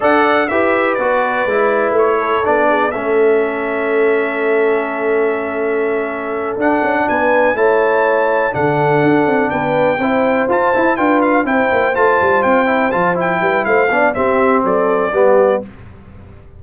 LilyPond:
<<
  \new Staff \with { instrumentName = "trumpet" } { \time 4/4 \tempo 4 = 123 fis''4 e''4 d''2 | cis''4 d''4 e''2~ | e''1~ | e''4. fis''4 gis''4 a''8~ |
a''4. fis''2 g''8~ | g''4. a''4 g''8 f''8 g''8~ | g''8 a''4 g''4 a''8 g''4 | f''4 e''4 d''2 | }
  \new Staff \with { instrumentName = "horn" } { \time 4/4 d''4 b'2.~ | b'8 a'4 gis'8 a'2~ | a'1~ | a'2~ a'8 b'4 cis''8~ |
cis''4. a'2 b'8~ | b'8 c''2 b'4 c''8~ | c''2.~ c''8 b'8 | c''8 d''8 g'4 a'4 g'4 | }
  \new Staff \with { instrumentName = "trombone" } { \time 4/4 a'4 g'4 fis'4 e'4~ | e'4 d'4 cis'2~ | cis'1~ | cis'4. d'2 e'8~ |
e'4. d'2~ d'8~ | d'8 e'4 f'8 e'8 f'4 e'8~ | e'8 f'4. e'8 f'8 e'4~ | e'8 d'8 c'2 b4 | }
  \new Staff \with { instrumentName = "tuba" } { \time 4/4 d'4 e'4 b4 gis4 | a4 b4 a2~ | a1~ | a4. d'8 cis'8 b4 a8~ |
a4. d4 d'8 c'8 b8~ | b8 c'4 f'8 e'8 d'4 c'8 | ais8 a8 g8 c'4 f4 g8 | a8 b8 c'4 fis4 g4 | }
>>